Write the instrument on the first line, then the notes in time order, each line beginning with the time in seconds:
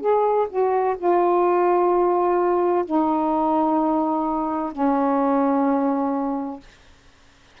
saxophone
0.00 G#4
0.49 F#4
0.97 F4
2.85 D#4
4.72 C#4